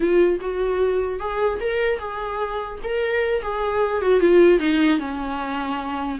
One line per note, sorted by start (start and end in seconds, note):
0.00 0.39 F4
0.41 1.19 F#4
1.19 1.59 G#4
1.60 1.98 A#4
1.98 2.78 G#4
2.83 3.42 A#4
3.42 4.01 G#4
4.01 4.19 F#4
4.19 4.59 F4
4.59 4.98 D#4
4.98 6.18 C#4